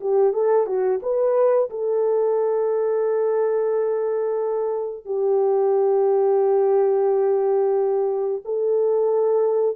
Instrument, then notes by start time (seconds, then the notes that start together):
horn
0.00 G4
0.33 A4
0.66 F#4
1.02 B4
1.70 A4
5.05 G4
8.45 A4